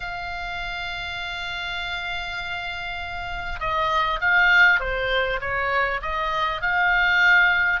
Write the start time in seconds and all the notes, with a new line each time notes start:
0.00 F5
3.59 D#5
4.20 F5
4.79 C5
5.40 C#5
6.02 D#5
6.61 F5